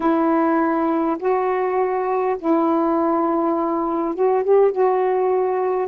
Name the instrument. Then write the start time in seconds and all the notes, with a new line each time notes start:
saxophone
0.00 E4
1.19 F#4
2.39 E4
4.14 F#4
4.44 G4
4.71 F#4